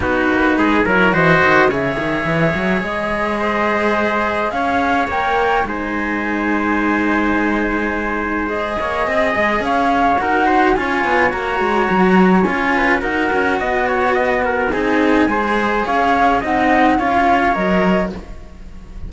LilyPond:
<<
  \new Staff \with { instrumentName = "flute" } { \time 4/4 \tempo 4 = 106 b'4. cis''8 dis''4 e''4~ | e''4 dis''2. | f''4 g''4 gis''2~ | gis''2. dis''4~ |
dis''4 f''4 fis''4 gis''4 | ais''2 gis''4 fis''4~ | fis''2 gis''2 | f''4 fis''4 f''4 dis''4 | }
  \new Staff \with { instrumentName = "trumpet" } { \time 4/4 fis'4 gis'8 ais'8 c''4 cis''4~ | cis''2 c''2 | cis''2 c''2~ | c''2.~ c''8 cis''8 |
dis''4 cis''4 ais'8 c''8 cis''4~ | cis''2~ cis''8 b'8 ais'4 | dis''8 cis''8 dis''8 ais'8 gis'4 c''4 | cis''4 dis''4 cis''2 | }
  \new Staff \with { instrumentName = "cello" } { \time 4/4 dis'4. e'8 fis'4 gis'4~ | gis'1~ | gis'4 ais'4 dis'2~ | dis'2. gis'4~ |
gis'2 fis'4 f'4 | fis'2 f'4 fis'4~ | fis'2 dis'4 gis'4~ | gis'4 dis'4 f'4 ais'4 | }
  \new Staff \with { instrumentName = "cello" } { \time 4/4 b8 ais8 gis8 fis8 e8 dis8 cis8 dis8 | e8 fis8 gis2. | cis'4 ais4 gis2~ | gis2.~ gis8 ais8 |
c'8 gis8 cis'4 dis'4 cis'8 b8 | ais8 gis8 fis4 cis'4 dis'8 cis'8 | b2 c'4 gis4 | cis'4 c'4 cis'4 fis4 | }
>>